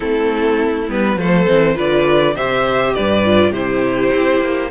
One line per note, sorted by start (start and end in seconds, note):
0.00 0.89 A3
0.00 0.86 C4
0.00 1.16 E4
0.00 0.88 A4
0.88 1.16 G3
0.88 1.18 B3
0.88 1.18 B4
1.16 1.46 F3
1.16 1.47 A3
1.16 1.75 A4
1.16 1.77 C5
1.47 1.77 E3
1.47 1.75 C4
1.75 2.36 D3
1.75 2.33 F4
1.75 2.34 B4
1.75 2.36 D5
2.35 2.94 C3
2.35 3.24 G4
2.35 2.93 C5
2.35 2.93 E5
2.93 3.51 G2
2.93 3.51 B4
2.93 3.52 D5
3.24 3.53 F4
3.51 4.10 C3
3.51 4.71 E4
3.51 4.69 G4
3.51 4.71 C5
4.12 4.41 C4
4.41 4.70 A#3